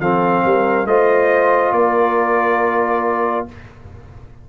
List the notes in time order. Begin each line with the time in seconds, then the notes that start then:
0.00 F3 C4 A4 F5
0.45 G3 A#4
0.85 A3 F4 C5 D#5
1.72 A#3 A#4 D5